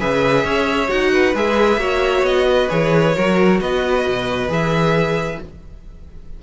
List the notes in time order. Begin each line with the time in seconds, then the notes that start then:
0.00 C#3 G#4 B4 E5
0.44 C#4 C#5
0.88 D#4 F#4 F#5
1.13 B4
1.35 G#3 G#4 E5
1.78 A#3 F#4 C#5
2.23 B3 D#5
2.49 B4
2.69 E3 G#4 C#5
3.16 F#3 F#4 A#4
3.61 B3 B4 D#5
4.07 B2
4.48 E3 G#4 E5